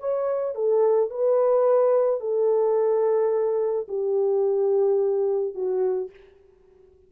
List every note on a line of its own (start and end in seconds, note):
0.00 0.55 C#5
0.55 1.10 A4
1.10 2.20 B4
2.20 3.87 A4
3.88 5.54 G4
5.54 6.10 F#4